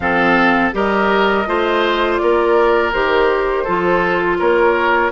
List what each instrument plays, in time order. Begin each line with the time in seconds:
0.00 bassoon F3, clarinet C4, oboe A4, flute F5
0.73 bassoon G3, clarinet G4, oboe A#4, flute D#5
1.46 bassoon A3, clarinet F4, oboe C5
2.17 bassoon A#3, oboe A#4, flute D5
2.92 bassoon D#3, clarinet G4, flute C5
3.64 bassoon F3, clarinet F4, oboe A4
4.38 bassoon A#3, oboe A#4, flute C#5